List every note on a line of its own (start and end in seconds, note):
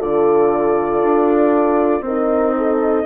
0.00 1.03 D3
0.00 2.04 F4
0.00 2.03 A4
0.00 2.05 D5
1.03 2.01 D4
2.01 3.03 C4
2.01 2.56 A#4
2.01 3.06 D#5
2.08 3.06 D#4
2.58 3.06 A4